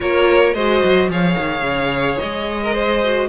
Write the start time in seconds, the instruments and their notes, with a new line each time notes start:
0.00 cello A#3, viola F4, violin A#4 C#5
0.53 cello G#3, viola F#4, violin C5 D#5
0.83 cello F#3
1.08 cello F3, viola G#4, violin C#5 F5
1.37 cello D#3
1.61 cello C#3
2.18 cello G#3, violin D#5
2.63 violin A#4
2.73 violin C5
3.03 viola F#4